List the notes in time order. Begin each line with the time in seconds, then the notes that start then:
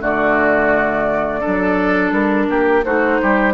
0.00 D3 A3 F#4 D5
1.40 F#3 D4 A4
2.12 G3 A#4
2.49 A#3 G4
2.84 A3 D#4 F#4 C5
3.22 G3 G4